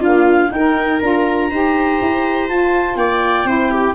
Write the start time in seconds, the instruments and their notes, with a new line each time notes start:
0.00 saxophone A#3, tuba D4, viola F4, clarinet F5
0.52 tuba D#4, saxophone D#4, viola A#4, clarinet G5
1.01 tuba D4, saxophone F4, clarinet A#5
1.50 tuba D#4, saxophone G4, viola C5
2.01 tuba E4
2.48 tuba F4, saxophone F4, clarinet A5
2.96 tuba A#3, viola D5, clarinet G5
3.45 tuba C4, saxophone E4, viola C5
3.71 viola G4